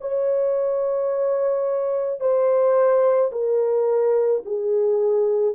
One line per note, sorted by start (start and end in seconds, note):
0.00 2.20 C#5
2.20 3.31 C5
3.31 4.42 A#4
4.45 5.55 G#4